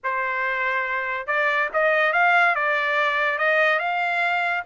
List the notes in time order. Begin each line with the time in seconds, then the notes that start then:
0.03 C5
1.27 D5
1.73 D#5
2.12 F5
2.55 D5
3.38 D#5
3.79 F5